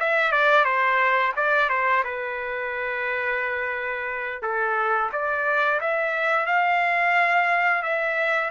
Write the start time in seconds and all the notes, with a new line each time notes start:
0.00 E5
0.32 D5
0.65 C5
1.37 D5
1.70 C5
2.05 B4
4.43 A4
5.12 D5
5.81 E5
6.47 F5
7.83 E5